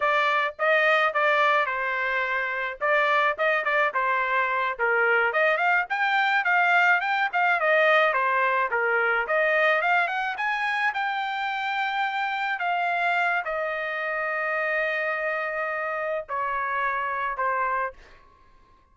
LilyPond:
\new Staff \with { instrumentName = "trumpet" } { \time 4/4 \tempo 4 = 107 d''4 dis''4 d''4 c''4~ | c''4 d''4 dis''8 d''8 c''4~ | c''8 ais'4 dis''8 f''8 g''4 f''8~ | f''8 g''8 f''8 dis''4 c''4 ais'8~ |
ais'8 dis''4 f''8 fis''8 gis''4 g''8~ | g''2~ g''8 f''4. | dis''1~ | dis''4 cis''2 c''4 | }